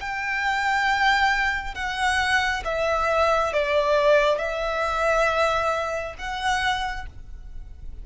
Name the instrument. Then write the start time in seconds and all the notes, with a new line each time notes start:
violin
0.00 G5
1.74 F#5
2.64 E5
3.53 D5
4.38 E5
6.18 F#5